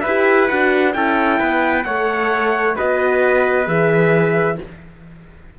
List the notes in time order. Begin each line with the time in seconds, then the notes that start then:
0.00 E4 B4 E5
0.07 G4
0.48 D4 F#4 F#5
0.93 C#4 E4 A4 G5
1.39 B3 B4
1.84 A3 A4 C#5 F#5
2.76 B3 F#4 B4 D#5
3.66 E3 G#4 E5